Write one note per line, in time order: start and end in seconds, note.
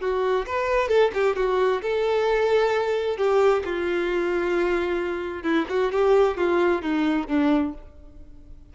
0.00 0.45 F#4
0.46 0.88 B4
0.88 1.11 A4
1.14 1.36 G4
1.36 1.81 F#4
1.82 3.17 A4
3.17 3.62 G4
3.65 5.43 F4
5.43 5.65 E4
5.69 5.92 F#4
5.92 6.37 G4
6.37 6.82 F4
6.82 7.27 D#4
7.27 7.73 D4